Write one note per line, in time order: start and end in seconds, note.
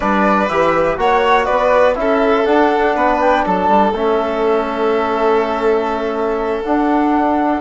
0.00 0.49 G3
0.00 0.48 D4
0.00 0.98 B4
0.00 0.48 D5
0.48 0.97 E3
0.48 0.97 G4
0.48 0.98 E5
0.97 1.47 A#3
0.97 1.94 F#4
0.97 1.45 C#5
0.97 1.45 F#5
1.45 1.97 B3
1.45 1.94 B4
1.45 1.94 D5
1.94 2.46 C#4
1.94 2.44 E4
1.94 2.95 A4
1.94 2.45 E5
2.44 3.92 D4
2.44 2.95 D4
2.44 3.19 F#5
2.95 3.44 B3
2.95 3.45 B4
3.20 3.45 G5
3.46 3.68 F#3
3.46 7.60 A4
3.46 3.95 A5
3.68 3.92 G3
3.92 6.63 A3
3.92 6.64 C#4
3.92 6.63 E5
6.63 7.60 D4
6.63 7.60 F#5